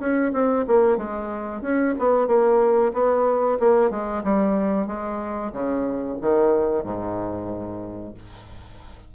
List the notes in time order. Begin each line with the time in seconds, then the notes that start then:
0.00 C#4
0.33 C4
0.68 A#3
0.98 G#3
1.62 C#4
1.99 B3
2.28 A#3
2.94 B3
3.60 A#3
3.91 G#3
4.24 G3
4.87 G#3
5.53 C#3
6.22 D#3
6.84 G#2